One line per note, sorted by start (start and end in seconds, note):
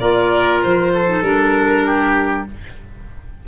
0.00 0.63 A#3
0.00 1.07 F4
0.00 0.92 A#4
0.00 0.61 D5
0.62 1.22 F3
0.62 1.23 C5
0.94 1.86 A4
1.07 1.22 D#4
1.22 2.44 G3
1.22 2.47 D4
1.22 2.46 A#4
1.86 2.47 G4